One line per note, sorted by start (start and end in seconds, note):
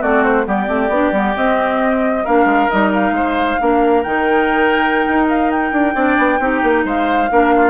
0.00 0.46 A3
0.00 0.44 C4
0.00 0.45 F#4
0.00 0.23 D5
0.23 0.46 C5
0.44 0.68 G3
0.44 0.66 B3
0.44 2.24 G4
0.44 1.36 D5
0.66 0.88 A3
0.66 0.89 C4
0.88 1.11 B3
0.88 1.13 D4
1.12 1.34 G3
1.12 1.35 B3
1.36 2.26 C4
1.36 2.25 D#5
2.24 2.44 A#3
2.24 2.70 D4
2.24 3.14 A#4
2.24 2.69 F5
2.44 2.67 G#3
2.69 3.11 G3
2.69 3.59 D#4
2.69 2.92 D#5
2.93 4.02 F5
3.11 3.55 G#3
3.11 3.60 C5
3.59 4.05 A#3
3.59 4.04 D4
3.59 5.94 A#4
4.02 5.06 D#3
4.02 5.94 D#4
4.02 5.26 G5
5.07 5.71 D#4
5.28 5.50 F5
5.50 6.85 G5
5.71 5.94 D4
5.94 6.17 C4
5.94 6.39 D4
5.94 6.39 D5
6.18 6.39 B3
6.39 6.62 C4
6.39 7.29 D#4
6.39 6.85 G4
6.62 6.84 A#3
6.84 7.29 G#3
6.84 7.30 C5
6.84 7.70 F5
7.30 7.70 A#3
7.30 7.70 D4
7.30 7.54 A#4
7.55 7.70 F4